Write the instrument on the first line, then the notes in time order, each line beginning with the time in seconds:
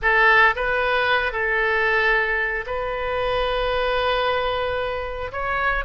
oboe
0.01 A4
0.55 B4
1.32 A4
2.66 B4
5.32 C#5